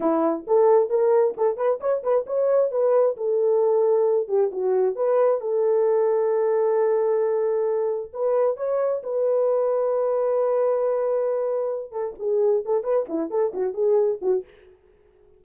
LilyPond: \new Staff \with { instrumentName = "horn" } { \time 4/4 \tempo 4 = 133 e'4 a'4 ais'4 a'8 b'8 | cis''8 b'8 cis''4 b'4 a'4~ | a'4. g'8 fis'4 b'4 | a'1~ |
a'2 b'4 cis''4 | b'1~ | b'2~ b'8 a'8 gis'4 | a'8 b'8 e'8 a'8 fis'8 gis'4 fis'8 | }